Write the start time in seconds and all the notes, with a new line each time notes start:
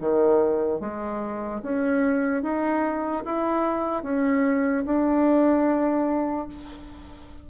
0.00 D#3
0.80 G#3
1.63 C#4
2.43 D#4
3.25 E4
4.03 C#4
4.86 D4